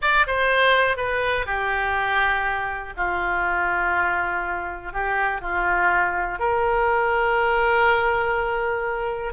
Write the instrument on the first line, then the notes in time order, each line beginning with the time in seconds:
oboe
0.01 D5
0.26 C5
0.96 B4
1.46 G4
2.96 F4
4.92 G4
5.41 F4
6.39 A#4